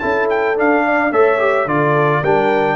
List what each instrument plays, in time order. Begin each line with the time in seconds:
0.00 tuba C#4, trombone E4, horn A4, trumpet A5
0.30 trumpet G5
0.56 trombone D4, tuba D4, trumpet F5
0.86 horn D5
1.12 tuba A3, trombone A4, horn C#5, trumpet E5
1.39 trombone G4
1.66 tuba D3, trombone F4, trumpet D5
1.73 horn A4
2.21 tuba G3, trombone D4, horn A#4, trumpet G5